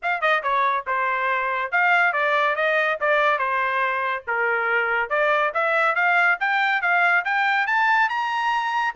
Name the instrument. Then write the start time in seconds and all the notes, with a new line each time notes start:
trumpet
0.02 F5
0.21 D#5
0.42 C#5
0.86 C5
1.71 F5
2.13 D5
2.55 D#5
3.00 D5
3.38 C5
4.27 A#4
5.09 D5
5.54 E5
5.95 F5
6.40 G5
6.81 F5
7.25 G5
7.66 A5
8.09 A#5